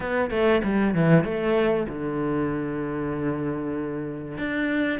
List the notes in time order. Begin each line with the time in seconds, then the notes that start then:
0.00 B3
0.30 A3
0.63 G3
0.94 E3
1.24 A3
1.88 D3
4.38 D4